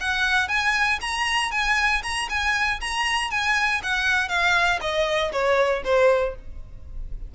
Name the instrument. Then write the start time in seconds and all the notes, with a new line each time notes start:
violin
0.00 F#5
0.48 G#5
1.01 A#5
1.51 G#5
2.03 A#5
2.29 G#5
2.81 A#5
3.31 G#5
3.83 F#5
4.29 F5
4.81 D#5
5.32 C#5
5.84 C5